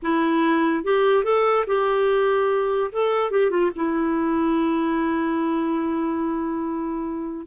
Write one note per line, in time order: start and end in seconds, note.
0.02 0.84 E4
0.84 1.23 G4
1.23 1.65 A4
1.66 2.90 G4
2.92 3.30 A4
3.30 3.50 G4
3.50 3.71 F4
3.75 7.46 E4